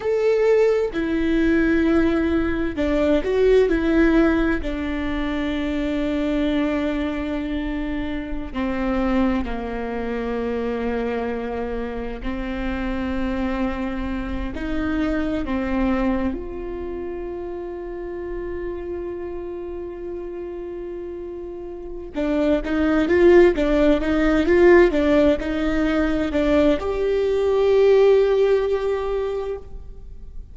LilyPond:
\new Staff \with { instrumentName = "viola" } { \time 4/4 \tempo 4 = 65 a'4 e'2 d'8 fis'8 | e'4 d'2.~ | d'4~ d'16 c'4 ais4.~ ais16~ | ais4~ ais16 c'2~ c'8 dis'16~ |
dis'8. c'4 f'2~ f'16~ | f'1 | d'8 dis'8 f'8 d'8 dis'8 f'8 d'8 dis'8~ | dis'8 d'8 g'2. | }